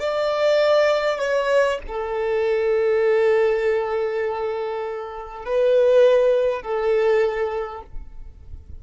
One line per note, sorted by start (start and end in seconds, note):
0.00 1.19 D5
1.19 1.79 C#5
1.88 5.46 A4
5.46 6.62 B4
6.62 7.82 A4